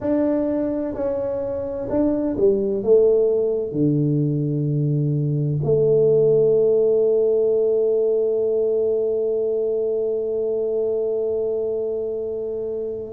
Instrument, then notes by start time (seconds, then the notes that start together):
tuba
0.00 D4
0.94 C#4
1.89 D4
2.37 G3
2.83 A3
3.72 D3
5.63 A3